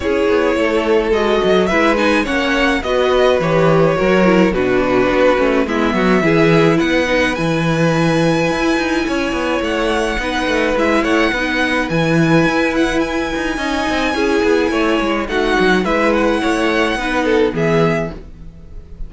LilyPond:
<<
  \new Staff \with { instrumentName = "violin" } { \time 4/4 \tempo 4 = 106 cis''2 dis''4 e''8 gis''8 | fis''4 dis''4 cis''2 | b'2 e''2 | fis''4 gis''2.~ |
gis''4 fis''2 e''8 fis''8~ | fis''4 gis''4. fis''8 gis''4~ | gis''2. fis''4 | e''8 fis''2~ fis''8 e''4 | }
  \new Staff \with { instrumentName = "violin" } { \time 4/4 gis'4 a'2 b'4 | cis''4 b'2 ais'4 | fis'2 e'8 fis'8 gis'4 | b'1 |
cis''2 b'4. cis''8 | b'1 | dis''4 gis'4 cis''4 fis'4 | b'4 cis''4 b'8 a'8 gis'4 | }
  \new Staff \with { instrumentName = "viola" } { \time 4/4 e'2 fis'4 e'8 dis'8 | cis'4 fis'4 g'4 fis'8 e'8 | d'4. cis'8 b4 e'4~ | e'8 dis'8 e'2.~ |
e'2 dis'4 e'4 | dis'4 e'2. | dis'4 e'2 dis'4 | e'2 dis'4 b4 | }
  \new Staff \with { instrumentName = "cello" } { \time 4/4 cis'8 b8 a4 gis8 fis8 gis4 | ais4 b4 e4 fis4 | b,4 b8 a8 gis8 fis8 e4 | b4 e2 e'8 dis'8 |
cis'8 b8 a4 b8 a8 gis8 a8 | b4 e4 e'4. dis'8 | cis'8 c'8 cis'8 b8 a8 gis8 a8 fis8 | gis4 a4 b4 e4 | }
>>